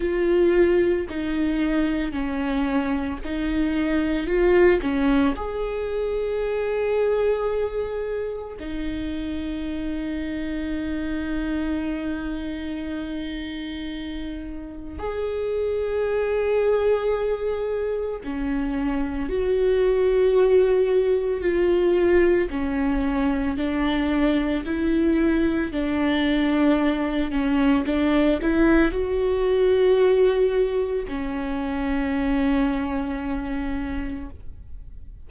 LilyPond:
\new Staff \with { instrumentName = "viola" } { \time 4/4 \tempo 4 = 56 f'4 dis'4 cis'4 dis'4 | f'8 cis'8 gis'2. | dis'1~ | dis'2 gis'2~ |
gis'4 cis'4 fis'2 | f'4 cis'4 d'4 e'4 | d'4. cis'8 d'8 e'8 fis'4~ | fis'4 cis'2. | }